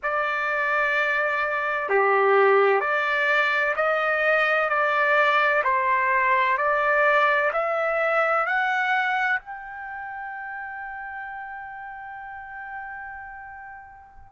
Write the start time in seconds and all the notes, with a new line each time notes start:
0.03 D5
1.89 G4
2.80 D5
3.76 D#5
4.69 D5
5.63 C5
6.57 D5
7.53 E5
8.46 F#5
9.39 G5